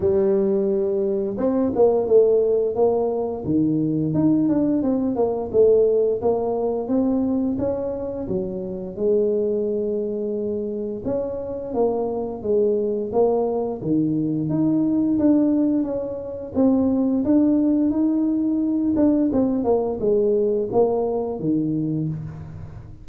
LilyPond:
\new Staff \with { instrumentName = "tuba" } { \time 4/4 \tempo 4 = 87 g2 c'8 ais8 a4 | ais4 dis4 dis'8 d'8 c'8 ais8 | a4 ais4 c'4 cis'4 | fis4 gis2. |
cis'4 ais4 gis4 ais4 | dis4 dis'4 d'4 cis'4 | c'4 d'4 dis'4. d'8 | c'8 ais8 gis4 ais4 dis4 | }